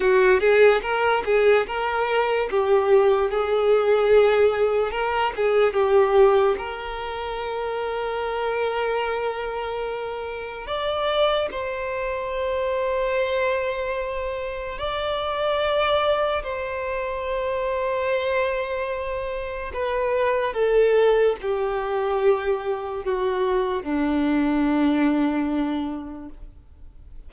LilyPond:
\new Staff \with { instrumentName = "violin" } { \time 4/4 \tempo 4 = 73 fis'8 gis'8 ais'8 gis'8 ais'4 g'4 | gis'2 ais'8 gis'8 g'4 | ais'1~ | ais'4 d''4 c''2~ |
c''2 d''2 | c''1 | b'4 a'4 g'2 | fis'4 d'2. | }